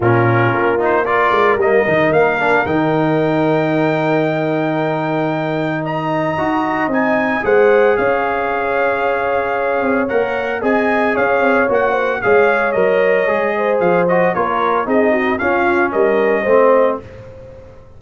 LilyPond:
<<
  \new Staff \with { instrumentName = "trumpet" } { \time 4/4 \tempo 4 = 113 ais'4. c''8 d''4 dis''4 | f''4 g''2.~ | g''2. ais''4~ | ais''4 gis''4 fis''4 f''4~ |
f''2. fis''4 | gis''4 f''4 fis''4 f''4 | dis''2 f''8 dis''8 cis''4 | dis''4 f''4 dis''2 | }
  \new Staff \with { instrumentName = "horn" } { \time 4/4 f'2 ais'2~ | ais'1~ | ais'2. dis''4~ | dis''2 c''4 cis''4~ |
cis''1 | dis''4 cis''4. c''8 cis''4~ | cis''4. c''4. ais'4 | gis'8 fis'8 f'4 ais'4 c''4 | }
  \new Staff \with { instrumentName = "trombone" } { \time 4/4 cis'4. dis'8 f'4 ais8 dis'8~ | dis'8 d'8 dis'2.~ | dis'1 | fis'4 dis'4 gis'2~ |
gis'2. ais'4 | gis'2 fis'4 gis'4 | ais'4 gis'4. fis'8 f'4 | dis'4 cis'2 c'4 | }
  \new Staff \with { instrumentName = "tuba" } { \time 4/4 ais,4 ais4. gis8 g8 dis8 | ais4 dis2.~ | dis1 | dis'4 c'4 gis4 cis'4~ |
cis'2~ cis'8 c'8 ais4 | c'4 cis'8 c'8 ais4 gis4 | fis4 gis4 f4 ais4 | c'4 cis'4 g4 a4 | }
>>